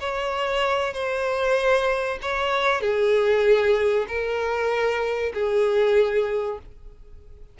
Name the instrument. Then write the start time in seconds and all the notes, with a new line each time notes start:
violin
0.00 C#5
0.94 C5
2.22 C#5
2.81 G#4
4.08 A#4
5.34 G#4